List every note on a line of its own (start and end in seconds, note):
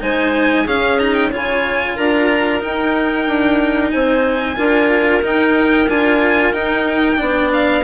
0.00 0.66 G#3
0.00 0.65 D#4
0.00 0.64 C5
0.00 0.67 G#5
0.64 0.98 C#4
0.64 1.31 C#4
0.64 1.28 G#4
0.64 0.98 F5
0.98 1.31 D#4
0.98 1.13 A#5
1.13 1.30 G5
1.28 1.97 C#3
1.28 2.59 F4
1.28 1.93 C#5
1.36 1.96 G#5
1.95 2.62 D4
1.95 3.91 A#4
1.95 2.62 A#5
2.59 4.55 D#4
2.59 3.27 D#4
2.59 3.91 G5
3.27 3.92 D4
3.91 4.57 C4
3.91 4.57 C5
3.91 5.21 G#5
4.56 5.22 D4
4.56 5.21 F4
4.56 7.18 A#4
5.22 5.87 D#4
5.22 5.88 D#4
5.22 5.89 G5
5.88 6.52 D4
5.88 6.53 F4
5.88 6.53 G#5
6.52 7.17 D#4
6.52 7.16 D#4
6.52 7.50 G5
7.16 7.83 B3
7.16 7.81 D4
7.16 7.83 D5
7.52 7.83 F5